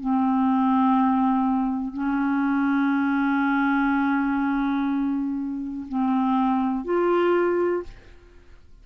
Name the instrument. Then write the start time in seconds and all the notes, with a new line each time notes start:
clarinet
0.00 C4
1.94 C#4
5.88 C4
6.85 F4